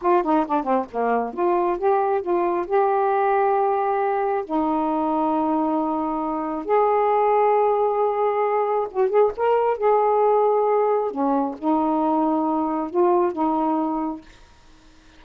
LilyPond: \new Staff \with { instrumentName = "saxophone" } { \time 4/4 \tempo 4 = 135 f'8 dis'8 d'8 c'8 ais4 f'4 | g'4 f'4 g'2~ | g'2 dis'2~ | dis'2. gis'4~ |
gis'1 | fis'8 gis'8 ais'4 gis'2~ | gis'4 cis'4 dis'2~ | dis'4 f'4 dis'2 | }